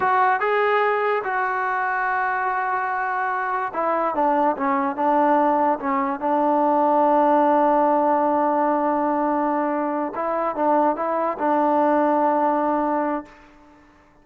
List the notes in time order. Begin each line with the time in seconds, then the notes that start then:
0.00 F#4
0.39 G#4
1.24 F#4
3.73 E4
4.14 D4
4.56 C#4
4.96 D4
5.79 C#4
6.20 D4
10.15 E4
10.55 D4
10.96 E4
11.38 D4